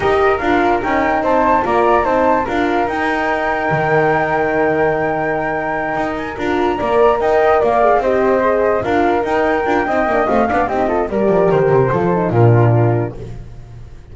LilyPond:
<<
  \new Staff \with { instrumentName = "flute" } { \time 4/4 \tempo 4 = 146 dis''4 f''4 g''4 a''4 | ais''4 a''4 f''4 g''4~ | g''1~ | g''2. gis''8 ais''8~ |
ais''4. g''4 f''4 dis''8~ | dis''4. f''4 g''4.~ | g''4 f''4 dis''4 d''4 | c''2 ais'2 | }
  \new Staff \with { instrumentName = "flute" } { \time 4/4 ais'2. c''4 | d''4 c''4 ais'2~ | ais'1~ | ais'1~ |
ais'8 d''4 dis''4 d''4 c''8~ | c''4. ais'2~ ais'8 | dis''4. d''8 g'8 a'8 ais'4~ | ais'4 a'4 f'2 | }
  \new Staff \with { instrumentName = "horn" } { \time 4/4 g'4 f'4 dis'2 | f'4 dis'4 f'4 dis'4~ | dis'1~ | dis'2.~ dis'8 f'8~ |
f'8 ais'2~ ais'8 gis'8 g'8~ | g'8 gis'4 f'4 dis'4 f'8 | dis'8 d'8 c'8 d'8 dis'8 f'8 g'4~ | g'4 f'8 dis'8 d'2 | }
  \new Staff \with { instrumentName = "double bass" } { \time 4/4 dis'4 d'4 cis'4 c'4 | ais4 c'4 d'4 dis'4~ | dis'4 dis2.~ | dis2~ dis8 dis'4 d'8~ |
d'8 ais4 dis'4 ais4 c'8~ | c'4. d'4 dis'4 d'8 | c'8 ais8 a8 b8 c'4 g8 f8 | dis8 c8 f4 ais,2 | }
>>